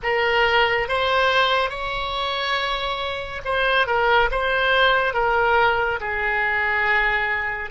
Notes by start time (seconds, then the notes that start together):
0.02 A#4
0.88 C5
1.69 C#5
3.44 C5
3.86 A#4
4.31 C5
5.14 A#4
6.00 G#4